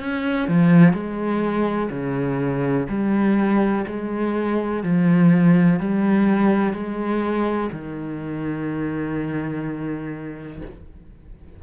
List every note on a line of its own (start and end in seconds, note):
0.00 0.48 C#4
0.48 0.93 F3
0.93 1.90 G#3
1.91 2.88 C#3
2.89 3.86 G3
3.88 4.83 G#3
4.83 5.80 F3
5.80 6.74 G3
6.74 7.71 G#3
7.72 10.63 D#3